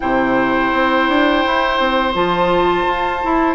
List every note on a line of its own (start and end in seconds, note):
0.00 0.73 C3
0.00 2.14 E4
0.00 3.54 C5
0.00 2.12 G5
0.73 1.08 C4
1.08 1.44 D4
1.46 1.79 E4
1.79 2.14 C4
2.14 2.85 F3
2.14 3.21 F4
2.14 3.54 A5
2.86 3.22 F4
3.21 3.54 E4